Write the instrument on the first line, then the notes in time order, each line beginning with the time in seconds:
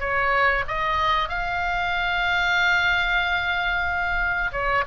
oboe
0.00 C#5
0.68 D#5
1.29 F5
4.52 C#5